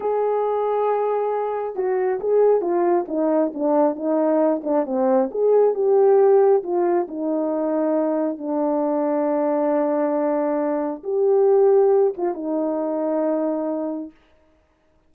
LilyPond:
\new Staff \with { instrumentName = "horn" } { \time 4/4 \tempo 4 = 136 gis'1 | fis'4 gis'4 f'4 dis'4 | d'4 dis'4. d'8 c'4 | gis'4 g'2 f'4 |
dis'2. d'4~ | d'1~ | d'4 g'2~ g'8 f'8 | dis'1 | }